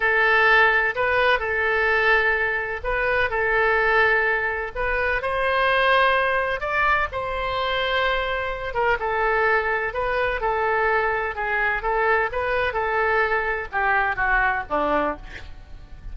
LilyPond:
\new Staff \with { instrumentName = "oboe" } { \time 4/4 \tempo 4 = 127 a'2 b'4 a'4~ | a'2 b'4 a'4~ | a'2 b'4 c''4~ | c''2 d''4 c''4~ |
c''2~ c''8 ais'8 a'4~ | a'4 b'4 a'2 | gis'4 a'4 b'4 a'4~ | a'4 g'4 fis'4 d'4 | }